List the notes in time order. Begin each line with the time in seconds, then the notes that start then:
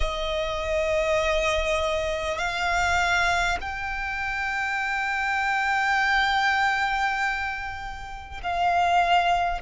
0.00 D#5
2.38 F5
3.60 G5
8.42 F5